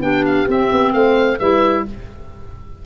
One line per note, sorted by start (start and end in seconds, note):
0.00 0.45 B3
0.00 0.47 D4
0.00 0.94 G4
0.00 0.25 G5
0.25 0.48 F5
0.47 0.70 C4
0.47 1.38 C4
0.47 0.93 E5
0.71 0.93 B3
0.93 1.38 A3
0.93 1.39 C5
0.93 1.38 F5
1.39 1.85 G3
1.39 1.85 E4
1.39 1.84 B4
1.39 1.84 E5